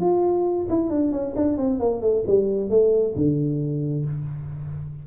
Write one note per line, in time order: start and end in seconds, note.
0.00 0.67 F4
0.69 0.90 E4
0.90 1.12 D4
1.12 1.34 C#4
1.36 1.57 D4
1.57 1.79 C4
1.79 2.01 A#3
2.01 2.24 A3
2.27 2.70 G3
2.70 3.15 A3
3.15 4.05 D3